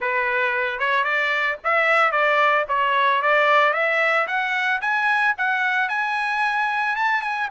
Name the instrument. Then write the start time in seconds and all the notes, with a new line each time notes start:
trumpet
0.00 B4
0.79 C#5
1.04 D5
1.64 E5
2.11 D5
2.68 C#5
3.21 D5
3.73 E5
4.27 F#5
4.81 G#5
5.37 F#5
5.88 G#5
6.96 A5
7.21 G#5